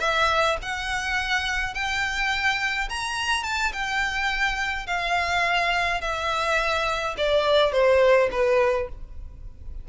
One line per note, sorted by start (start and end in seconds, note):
0.00 0.57 E5
0.62 1.74 F#5
1.74 2.89 G5
2.89 3.44 A#5
3.44 3.72 A5
3.73 4.86 G5
4.86 6.01 F5
6.01 7.15 E5
7.17 7.72 D5
7.72 8.30 C5
8.31 8.89 B4